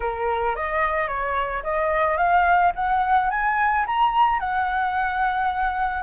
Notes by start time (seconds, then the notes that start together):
0.00 A#4
0.55 D#5
1.07 C#5
1.63 D#5
2.17 F5
2.75 F#5
3.30 G#5
3.86 A#5
4.39 F#5